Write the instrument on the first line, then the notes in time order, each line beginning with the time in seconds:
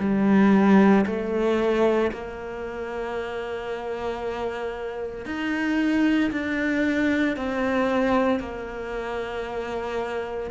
cello
0.00 G3
1.06 A3
2.12 A#3
5.26 D#4
6.32 D4
7.37 C4
8.40 A#3